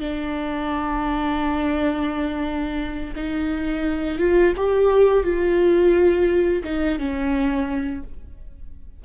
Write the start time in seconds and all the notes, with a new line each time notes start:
0.00 D4
3.16 D#4
4.19 F4
4.57 G4
5.24 F4
6.64 D#4
6.99 C#4